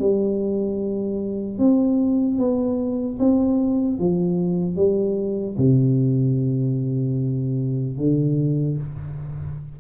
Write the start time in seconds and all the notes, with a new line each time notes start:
0.00 G3
1.59 C4
2.39 B3
3.20 C4
3.99 F3
4.76 G3
5.58 C3
7.98 D3